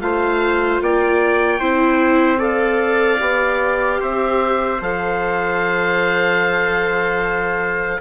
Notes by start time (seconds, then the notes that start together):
0.00 A3 F4 C5 F5
0.81 A#3 D5 G5
1.60 C4 E4 C5
2.38 A4 D5 F5
3.19 B3 G4
4.00 C4 C5 E5
4.81 F3 A4 F5